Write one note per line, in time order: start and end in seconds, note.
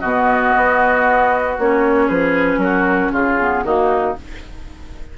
0.00 0.55 B2
0.00 1.59 B3
0.00 2.06 F#4
0.00 1.55 D#5
0.56 1.59 B3
1.59 2.10 A#3
1.59 3.40 C#4
1.59 2.09 C#5
2.06 2.58 F3
2.06 2.58 G#4
2.06 2.59 B4
2.58 3.09 F#3
2.58 3.11 A#4
2.64 3.12 F#4
3.12 3.64 C#3
3.12 3.64 F4
3.12 3.64 G#4
3.40 3.65 B3
3.64 4.15 D#3
3.64 4.17 A#3
3.64 4.18 D#4
3.64 4.15 F#4